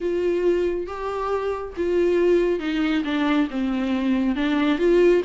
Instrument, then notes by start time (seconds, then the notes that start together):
viola
0.00 F4
0.87 G4
1.76 F4
2.59 D#4
3.04 D4
3.50 C4
4.35 D4
4.78 F4